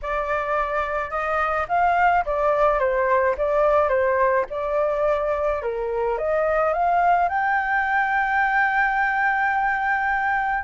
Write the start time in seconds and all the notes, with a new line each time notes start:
0.02 D5
1.10 D#5
1.68 F5
2.25 D5
2.79 C5
3.37 D5
3.88 C5
4.50 D5
5.62 A#4
6.17 D#5
6.73 F5
7.28 G5